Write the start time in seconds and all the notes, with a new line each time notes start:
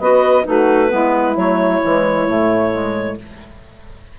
0.00 B3 F#4 B4 D#5
0.44 A3 D#4 F#4 B4
0.88 G#3 B3 E4
1.37 F#3 A3 C#5
1.84 E3 G#3
2.27 A2 A3
2.71 G#3